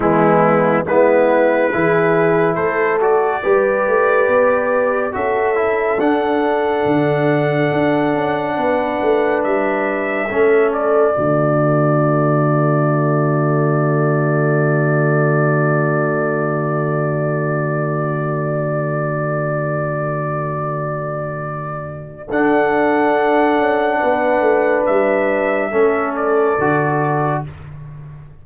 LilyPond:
<<
  \new Staff \with { instrumentName = "trumpet" } { \time 4/4 \tempo 4 = 70 e'4 b'2 c''8 d''8~ | d''2 e''4 fis''4~ | fis''2. e''4~ | e''8 d''2.~ d''8~ |
d''1~ | d''1~ | d''2 fis''2~ | fis''4 e''4. d''4. | }
  \new Staff \with { instrumentName = "horn" } { \time 4/4 b4 e'4 gis'4 a'4 | b'2 a'2~ | a'2 b'2 | a'4 fis'2.~ |
fis'1~ | fis'1~ | fis'2 a'2 | b'2 a'2 | }
  \new Staff \with { instrumentName = "trombone" } { \time 4/4 gis4 b4 e'4. fis'8 | g'2 fis'8 e'8 d'4~ | d'1 | cis'4 a2.~ |
a1~ | a1~ | a2 d'2~ | d'2 cis'4 fis'4 | }
  \new Staff \with { instrumentName = "tuba" } { \time 4/4 e4 gis4 e4 a4 | g8 a8 b4 cis'4 d'4 | d4 d'8 cis'8 b8 a8 g4 | a4 d2.~ |
d1~ | d1~ | d2 d'4. cis'8 | b8 a8 g4 a4 d4 | }
>>